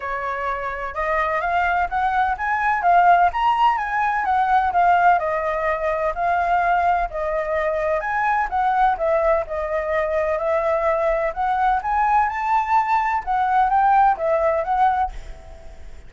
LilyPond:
\new Staff \with { instrumentName = "flute" } { \time 4/4 \tempo 4 = 127 cis''2 dis''4 f''4 | fis''4 gis''4 f''4 ais''4 | gis''4 fis''4 f''4 dis''4~ | dis''4 f''2 dis''4~ |
dis''4 gis''4 fis''4 e''4 | dis''2 e''2 | fis''4 gis''4 a''2 | fis''4 g''4 e''4 fis''4 | }